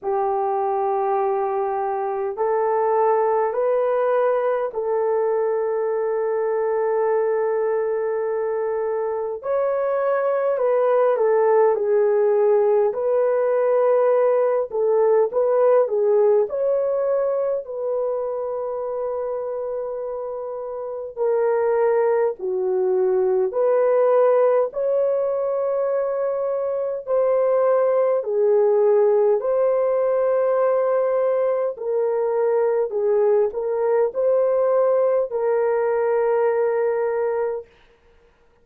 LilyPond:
\new Staff \with { instrumentName = "horn" } { \time 4/4 \tempo 4 = 51 g'2 a'4 b'4 | a'1 | cis''4 b'8 a'8 gis'4 b'4~ | b'8 a'8 b'8 gis'8 cis''4 b'4~ |
b'2 ais'4 fis'4 | b'4 cis''2 c''4 | gis'4 c''2 ais'4 | gis'8 ais'8 c''4 ais'2 | }